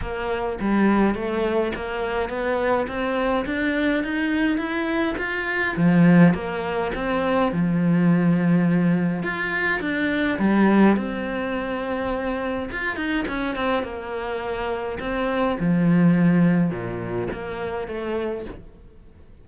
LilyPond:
\new Staff \with { instrumentName = "cello" } { \time 4/4 \tempo 4 = 104 ais4 g4 a4 ais4 | b4 c'4 d'4 dis'4 | e'4 f'4 f4 ais4 | c'4 f2. |
f'4 d'4 g4 c'4~ | c'2 f'8 dis'8 cis'8 c'8 | ais2 c'4 f4~ | f4 ais,4 ais4 a4 | }